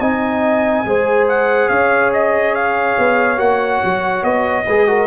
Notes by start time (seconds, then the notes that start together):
0.00 C4 D#4 D#5 G#5
0.85 G#3 G#4 C5
1.28 F#5
1.68 C#4 C#5 F5
2.13 D#5
2.55 F5
2.98 B3
3.37 A#3 F#4 F#5
3.84 F#3
4.22 B3 D#5
4.66 G#3 G#4 B4
4.87 F#4 A#4